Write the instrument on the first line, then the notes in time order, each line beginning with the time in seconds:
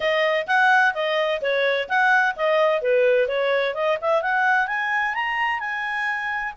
clarinet
0.00 D#5
0.47 F#5
0.94 D#5
1.41 C#5
1.88 F#5
2.35 D#5
2.81 B4
3.28 C#5
3.74 D#5
4.01 E5
4.21 F#5
4.67 G#5
5.14 A#5
5.59 G#5